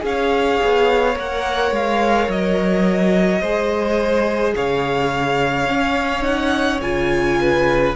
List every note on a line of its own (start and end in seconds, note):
0.00 0.60 C#4
0.00 1.13 G#4
0.00 1.18 F5
0.08 3.41 C#5
0.64 1.16 B3
1.14 1.71 A#3
1.14 3.40 A#4
1.14 1.75 F#5
1.71 2.28 G#3
1.71 2.30 F5
2.28 3.41 F#3
2.28 4.56 D#5
3.41 4.55 G#3
3.41 5.66 G#4
3.41 4.54 C5
4.56 5.70 C#3
4.56 7.39 C#5
4.56 6.24 F5
5.66 6.22 C#4
5.66 6.82 C#4
6.22 6.78 D#4
6.22 6.80 F#5
6.82 7.95 C#3
6.82 7.95 F4
6.82 7.95 G#5
7.40 7.95 B4